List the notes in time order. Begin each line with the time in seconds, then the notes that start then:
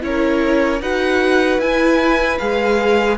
0.00 C#4 E4 A#4 C#5
0.81 D#4 F#4 B4 F#5
1.58 E4 G#5
2.38 G#3 G#4 F5